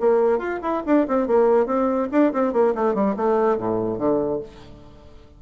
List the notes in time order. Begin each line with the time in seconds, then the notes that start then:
0.00 A#3
0.38 F4
0.62 E4
0.86 D4
1.07 C4
1.27 A#3
1.66 C4
2.12 D4
2.32 C4
2.53 A#3
2.75 A3
2.94 G3
3.16 A3
3.58 A2
3.98 D3